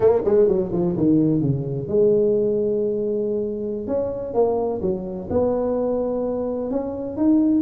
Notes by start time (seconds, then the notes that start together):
0.00 A#3
0.25 G#3
0.48 F#3
0.72 F3
0.97 D#3
1.41 C#3
1.87 G#3
3.87 C#4
4.34 A#3
4.81 F#3
5.30 B3
6.70 C#4
7.16 D#4